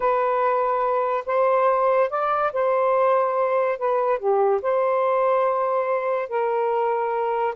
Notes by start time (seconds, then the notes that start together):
0.00 B4
1.26 C5
2.10 D5
2.53 C5
3.78 B4
4.18 G4
4.62 C5
6.28 A#4